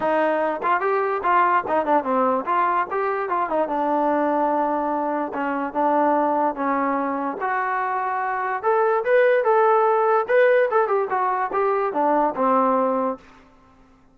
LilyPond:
\new Staff \with { instrumentName = "trombone" } { \time 4/4 \tempo 4 = 146 dis'4. f'8 g'4 f'4 | dis'8 d'8 c'4 f'4 g'4 | f'8 dis'8 d'2.~ | d'4 cis'4 d'2 |
cis'2 fis'2~ | fis'4 a'4 b'4 a'4~ | a'4 b'4 a'8 g'8 fis'4 | g'4 d'4 c'2 | }